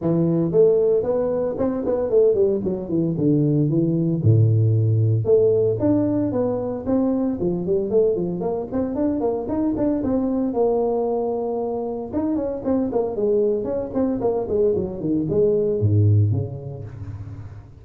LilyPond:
\new Staff \with { instrumentName = "tuba" } { \time 4/4 \tempo 4 = 114 e4 a4 b4 c'8 b8 | a8 g8 fis8 e8 d4 e4 | a,2 a4 d'4 | b4 c'4 f8 g8 a8 f8 |
ais8 c'8 d'8 ais8 dis'8 d'8 c'4 | ais2. dis'8 cis'8 | c'8 ais8 gis4 cis'8 c'8 ais8 gis8 | fis8 dis8 gis4 gis,4 cis4 | }